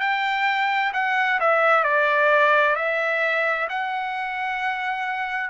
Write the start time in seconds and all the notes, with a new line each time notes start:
0.00 G5
0.94 F#5
1.40 E5
1.84 D5
2.76 E5
3.69 F#5